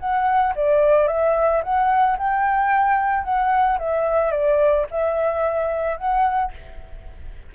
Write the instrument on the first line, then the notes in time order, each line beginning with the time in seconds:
flute
0.00 F#5
0.56 D5
1.08 E5
1.63 F#5
2.18 G5
3.24 F#5
3.79 E5
4.32 D5
4.91 E5
5.98 F#5